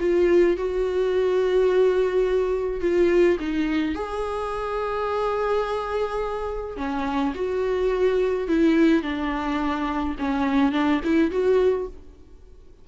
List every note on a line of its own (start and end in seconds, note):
0.00 0.57 F4
0.57 2.81 F#4
2.81 3.38 F4
3.40 3.95 D#4
3.95 6.77 G#4
6.77 7.33 C#4
7.35 8.48 F#4
8.48 9.02 E4
9.02 10.15 D4
10.19 10.72 C#4
10.72 11.00 D4
11.04 11.31 E4
11.31 11.88 F#4